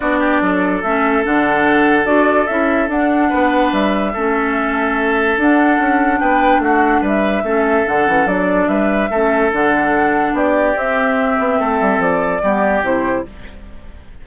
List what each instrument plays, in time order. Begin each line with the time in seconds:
0.00 bassoon B3, clarinet D4, oboe F#4, flute D5
0.19 oboe G4
0.41 bassoon F#3, oboe A4
0.82 bassoon A3, clarinet C#4, flute E5
1.23 bassoon D3, clarinet D4, flute F#5
2.04 bassoon D4, clarinet F#4, flute D5
2.46 bassoon C#4, clarinet E4, flute E5
2.88 bassoon D4, clarinet D4, flute F#5
3.29 bassoon B3, oboe B4
3.72 bassoon G3, flute E5
4.12 bassoon A3, clarinet C#4, oboe A4
5.37 bassoon D4, clarinet D4, flute F#5
5.78 bassoon C#4
6.19 bassoon B3, oboe B4, flute G5
6.59 bassoon A3, oboe F#4, flute F#5
7.01 bassoon G3, oboe B4, flute E5
7.43 bassoon A3, clarinet C#4, oboe A4
7.85 bassoon D3, clarinet D4, flute F#5
8.06 bassoon E3, clarinet C#4
8.26 bassoon F#3, clarinet D4, flute D5
8.68 bassoon G3, oboe B4, flute E5
9.10 bassoon A3, clarinet C#4, oboe A4
9.51 bassoon D3, clarinet D4, flute F#5
10.32 bassoon B3, oboe G4, flute D5
10.75 clarinet C4, bassoon C4, flute E5
11.39 bassoon B3
11.59 bassoon A3, oboe A4
11.80 bassoon G3
11.98 bassoon F3, flute D5
12.42 bassoon G3, clarinet B3, oboe G4
12.82 bassoon C3, clarinet E4, flute C5